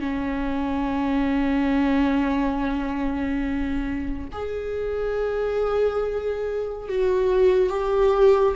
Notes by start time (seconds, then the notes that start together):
0.00 C#4
4.32 G#4
6.89 F#4
7.70 G4